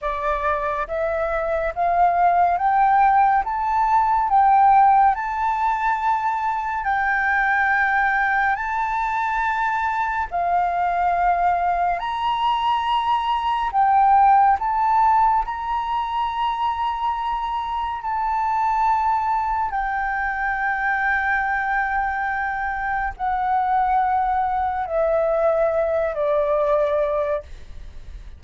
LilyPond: \new Staff \with { instrumentName = "flute" } { \time 4/4 \tempo 4 = 70 d''4 e''4 f''4 g''4 | a''4 g''4 a''2 | g''2 a''2 | f''2 ais''2 |
g''4 a''4 ais''2~ | ais''4 a''2 g''4~ | g''2. fis''4~ | fis''4 e''4. d''4. | }